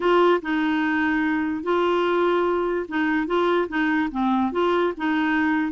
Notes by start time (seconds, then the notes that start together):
0.00 F4
0.41 D#4
1.63 F4
2.88 D#4
3.26 F4
3.68 D#4
4.11 C4
4.51 F4
4.97 D#4